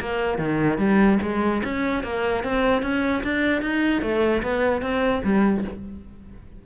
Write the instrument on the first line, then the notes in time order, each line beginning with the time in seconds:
cello
0.00 A#3
0.38 D#3
0.78 G3
1.22 G#3
1.64 C#4
2.03 A#3
2.43 C4
2.82 C#4
3.23 D4
3.61 D#4
4.02 A3
4.42 B3
4.81 C4
5.23 G3